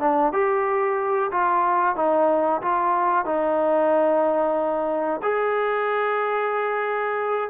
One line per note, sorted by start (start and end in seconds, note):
0.00 0.33 D4
0.33 1.30 G4
1.31 1.96 F4
1.96 2.61 D#4
2.61 3.25 F4
3.25 5.21 D#4
5.23 7.50 G#4